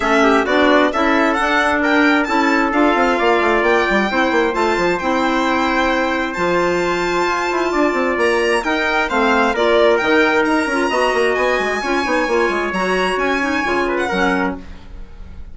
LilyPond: <<
  \new Staff \with { instrumentName = "violin" } { \time 4/4 \tempo 4 = 132 e''4 d''4 e''4 fis''4 | g''4 a''4 f''2 | g''2 a''4 g''4~ | g''2 a''2~ |
a''2 ais''4 g''4 | f''4 d''4 g''4 ais''4~ | ais''4 gis''2. | ais''4 gis''4.~ gis''16 fis''4~ fis''16 | }
  \new Staff \with { instrumentName = "trumpet" } { \time 4/4 a'8 g'8 fis'4 a'2 | ais'4 a'2 d''4~ | d''4 c''2.~ | c''1~ |
c''4 d''2 ais'4 | c''4 ais'2. | dis''2 cis''2~ | cis''2~ cis''8 b'8 ais'4 | }
  \new Staff \with { instrumentName = "clarinet" } { \time 4/4 cis'4 d'4 e'4 d'4~ | d'4 e'4 f'2~ | f'4 e'4 f'4 e'4~ | e'2 f'2~ |
f'2. dis'4 | c'4 f'4 dis'4. f'8 | fis'2 f'8 dis'8 f'4 | fis'4. dis'8 f'4 cis'4 | }
  \new Staff \with { instrumentName = "bassoon" } { \time 4/4 a4 b4 cis'4 d'4~ | d'4 cis'4 d'8 c'8 ais8 a8 | ais8 g8 c'8 ais8 a8 f8 c'4~ | c'2 f2 |
f'8 e'8 d'8 c'8 ais4 dis'4 | a4 ais4 dis4 dis'8 cis'8 | b8 ais8 b8 gis8 cis'8 b8 ais8 gis8 | fis4 cis'4 cis4 fis4 | }
>>